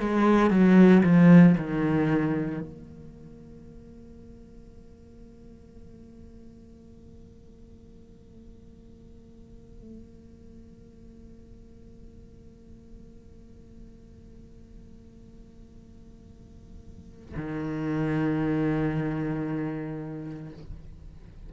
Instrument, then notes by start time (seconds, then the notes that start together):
cello
0.00 G#3
0.50 F#3
1.03 F3
1.58 D#3
2.61 A#3
17.36 D#3